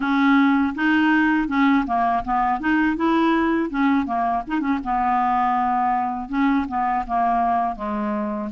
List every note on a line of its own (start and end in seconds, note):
0.00 0.74 C#4
0.75 1.48 D#4
1.48 1.85 C#4
1.86 2.23 A#3
2.24 2.60 B3
2.60 2.96 D#4
2.96 3.70 E4
3.70 4.06 C#4
4.06 4.42 A#3
4.47 4.60 D#4
4.60 4.78 C#4
4.84 6.28 B3
6.28 6.65 C#4
6.68 7.05 B3
7.06 7.75 A#3
7.75 8.49 G#3